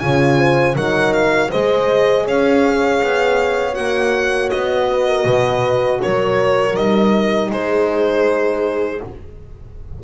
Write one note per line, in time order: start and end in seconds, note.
0.00 0.76 C#3
0.00 0.75 F4
0.00 0.39 C#5
0.00 0.75 G#5
0.39 0.76 C5
0.75 1.51 F#3
0.75 1.50 D#4
0.75 1.50 A#4
0.75 1.13 F#5
1.13 1.51 F5
1.50 2.27 G#3
1.50 3.74 G#4
1.50 2.25 C5
1.50 2.27 D#5
2.25 3.02 C#4
2.25 4.87 C#5
2.25 3.75 F5
3.03 3.77 B3
3.74 4.52 A#3
3.74 6.74 F#4
3.74 4.50 F#5
4.50 5.26 B3
4.50 6.00 D#5
4.91 5.08 B4
5.08 5.26 A#4
5.26 6.01 B2
5.26 6.01 B4
6.03 6.77 F#3
6.03 7.53 A#4
6.03 6.76 C#5
6.75 7.51 G3
6.75 9.00 D#4
6.75 7.51 D#5
7.51 9.01 G#3
7.51 9.04 G#4
7.51 9.03 C5